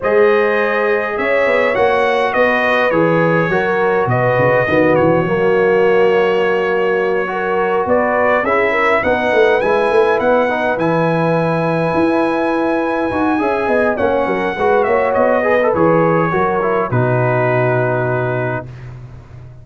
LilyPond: <<
  \new Staff \with { instrumentName = "trumpet" } { \time 4/4 \tempo 4 = 103 dis''2 e''4 fis''4 | dis''4 cis''2 dis''4~ | dis''8 cis''2.~ cis''8~ | cis''4. d''4 e''4 fis''8~ |
fis''8 gis''4 fis''4 gis''4.~ | gis''1 | fis''4. e''8 dis''4 cis''4~ | cis''4 b'2. | }
  \new Staff \with { instrumentName = "horn" } { \time 4/4 c''2 cis''2 | b'2 ais'4 b'4 | fis'1~ | fis'8 ais'4 b'4 gis'8 ais'8 b'8~ |
b'1~ | b'2. e''8 dis''8 | cis''8 ais'8 b'8 cis''4 b'4. | ais'4 fis'2. | }
  \new Staff \with { instrumentName = "trombone" } { \time 4/4 gis'2. fis'4~ | fis'4 gis'4 fis'2 | b4 ais2.~ | ais8 fis'2 e'4 dis'8~ |
dis'8 e'4. dis'8 e'4.~ | e'2~ e'8 fis'8 gis'4 | cis'4 fis'4. gis'16 a'16 gis'4 | fis'8 e'8 dis'2. | }
  \new Staff \with { instrumentName = "tuba" } { \time 4/4 gis2 cis'8 b8 ais4 | b4 e4 fis4 b,8 cis8 | dis8 e8 fis2.~ | fis4. b4 cis'4 b8 |
a8 gis8 a8 b4 e4.~ | e8 e'2 dis'8 cis'8 b8 | ais8 fis8 gis8 ais8 b4 e4 | fis4 b,2. | }
>>